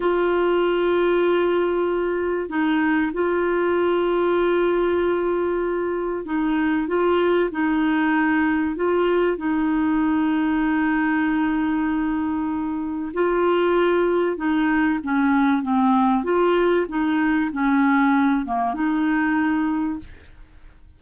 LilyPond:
\new Staff \with { instrumentName = "clarinet" } { \time 4/4 \tempo 4 = 96 f'1 | dis'4 f'2.~ | f'2 dis'4 f'4 | dis'2 f'4 dis'4~ |
dis'1~ | dis'4 f'2 dis'4 | cis'4 c'4 f'4 dis'4 | cis'4. ais8 dis'2 | }